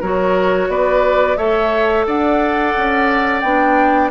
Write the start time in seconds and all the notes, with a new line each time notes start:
0.00 F#3 F#4 A#4 C#5
0.69 B3 B4 D5
1.37 A3 A4 C#5 E5
2.07 D4 D5 F#5
2.77 C#4
3.41 B3 D4 G5